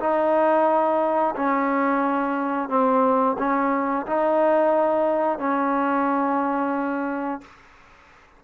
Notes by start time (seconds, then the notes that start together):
0.00 D#4
1.36 C#4
2.69 C4
3.39 C#4
4.07 D#4
5.39 C#4